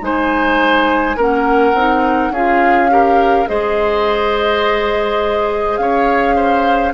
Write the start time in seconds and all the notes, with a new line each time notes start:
0.00 G#3 D#4 C5 G#5
1.16 A#3 C#4 A#4 F#5
1.73 C4 D#4
2.30 C#4 F4 G#4 F5
2.89 G4 A#4
3.46 G#3 G#4 C5 D#5
5.77 C#4 C#5 F5
6.35 C5